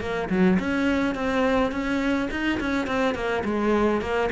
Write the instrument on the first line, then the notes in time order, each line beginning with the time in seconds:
cello
0.00 A#3
0.29 F#3
0.59 C#4
1.15 C4
1.71 C#4
2.31 D#4
2.60 C#4
2.86 C4
3.15 A#3
3.44 G#3
4.01 A#3